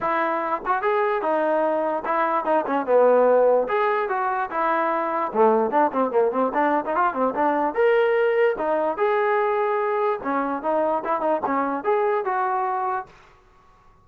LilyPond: \new Staff \with { instrumentName = "trombone" } { \time 4/4 \tempo 4 = 147 e'4. fis'8 gis'4 dis'4~ | dis'4 e'4 dis'8 cis'8 b4~ | b4 gis'4 fis'4 e'4~ | e'4 a4 d'8 c'8 ais8 c'8 |
d'8. dis'16 f'8 c'8 d'4 ais'4~ | ais'4 dis'4 gis'2~ | gis'4 cis'4 dis'4 e'8 dis'8 | cis'4 gis'4 fis'2 | }